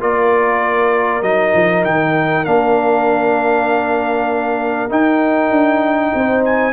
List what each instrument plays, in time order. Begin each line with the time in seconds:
0.00 tuba A#3, trombone F4, horn A#4, trumpet D5
1.22 tuba F#3, trombone D#4, trumpet D#5
1.54 tuba F3
1.85 tuba D#3, trumpet G5
2.45 tuba A#3, trombone D4, trumpet F5
4.90 trombone D#4, tuba D#4, trumpet G5
5.51 tuba D4
6.15 tuba C4, horn C5
6.45 trumpet G#5